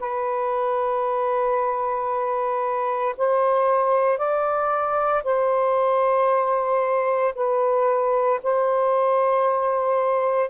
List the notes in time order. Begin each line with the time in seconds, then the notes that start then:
0.00 B4
3.18 C5
4.18 D5
5.24 C5
7.35 B4
8.44 C5